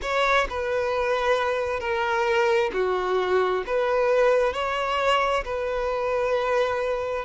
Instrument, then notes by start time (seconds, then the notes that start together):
violin
0.02 C#5
0.49 B4
1.79 A#4
2.73 F#4
3.66 B4
4.53 C#5
5.44 B4